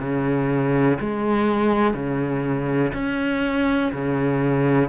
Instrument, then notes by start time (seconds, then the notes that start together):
cello
0.00 C#3
1.00 G#3
1.94 C#3
2.93 C#4
3.92 C#3